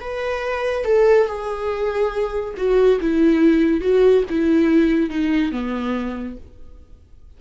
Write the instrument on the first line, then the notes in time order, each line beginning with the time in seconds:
viola
0.00 B4
0.84 A4
1.27 G#4
2.57 F#4
3.00 E4
3.81 F#4
4.29 E4
5.09 D#4
5.52 B3